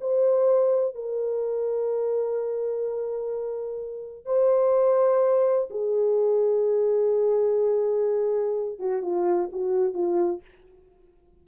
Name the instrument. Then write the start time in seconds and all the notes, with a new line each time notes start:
horn
0.00 C5
0.95 A#4
4.25 C5
5.70 G#4
8.78 F#4
9.02 F4
9.52 F#4
9.94 F4